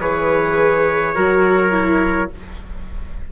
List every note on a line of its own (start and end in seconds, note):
0.00 1.16 E3
0.00 1.15 G#4
0.00 1.15 B4
0.00 2.32 C#5
1.15 2.31 F#3
1.15 1.71 F#4
1.15 2.31 A#4
1.71 2.29 E4